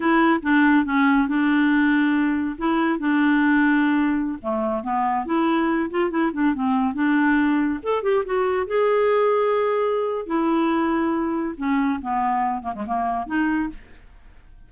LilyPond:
\new Staff \with { instrumentName = "clarinet" } { \time 4/4 \tempo 4 = 140 e'4 d'4 cis'4 d'4~ | d'2 e'4 d'4~ | d'2~ d'16 a4 b8.~ | b16 e'4. f'8 e'8 d'8 c'8.~ |
c'16 d'2 a'8 g'8 fis'8.~ | fis'16 gis'2.~ gis'8. | e'2. cis'4 | b4. ais16 gis16 ais4 dis'4 | }